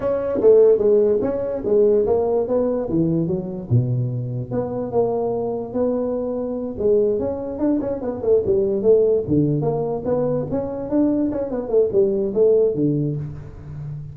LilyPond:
\new Staff \with { instrumentName = "tuba" } { \time 4/4 \tempo 4 = 146 cis'4 a4 gis4 cis'4 | gis4 ais4 b4 e4 | fis4 b,2 b4 | ais2 b2~ |
b8 gis4 cis'4 d'8 cis'8 b8 | a8 g4 a4 d4 ais8~ | ais8 b4 cis'4 d'4 cis'8 | b8 a8 g4 a4 d4 | }